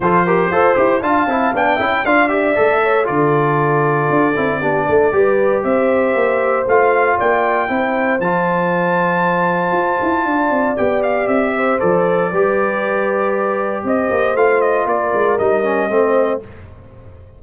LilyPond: <<
  \new Staff \with { instrumentName = "trumpet" } { \time 4/4 \tempo 4 = 117 c''2 a''4 g''4 | f''8 e''4. d''2~ | d''2. e''4~ | e''4 f''4 g''2 |
a''1~ | a''4 g''8 f''8 e''4 d''4~ | d''2. dis''4 | f''8 dis''8 d''4 dis''2 | }
  \new Staff \with { instrumentName = "horn" } { \time 4/4 a'8 ais'8 c''4 f''4. e''8 | d''4. cis''8 a'2~ | a'4 g'8 a'8 b'4 c''4~ | c''2 d''4 c''4~ |
c''1 | d''2~ d''8 c''4. | b'2. c''4~ | c''4 ais'2 c''4 | }
  \new Staff \with { instrumentName = "trombone" } { \time 4/4 f'8 g'8 a'8 g'8 f'8 e'8 d'8 e'8 | f'8 g'8 a'4 f'2~ | f'8 e'8 d'4 g'2~ | g'4 f'2 e'4 |
f'1~ | f'4 g'2 a'4 | g'1 | f'2 dis'8 cis'8 c'4 | }
  \new Staff \with { instrumentName = "tuba" } { \time 4/4 f4 f'8 e'8 d'8 c'8 b8 cis'8 | d'4 a4 d2 | d'8 c'8 b8 a8 g4 c'4 | ais4 a4 ais4 c'4 |
f2. f'8 e'8 | d'8 c'8 b4 c'4 f4 | g2. c'8 ais8 | a4 ais8 gis8 g4 a4 | }
>>